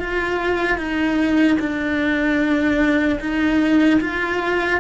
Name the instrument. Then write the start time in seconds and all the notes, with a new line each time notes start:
cello
0.00 F4
0.77 D#4
1.60 D4
3.21 D#4
4.01 F4